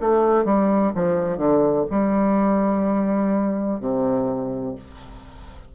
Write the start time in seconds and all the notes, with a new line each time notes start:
0.00 A3
0.45 G3
0.95 F3
1.38 D3
1.90 G3
3.80 C3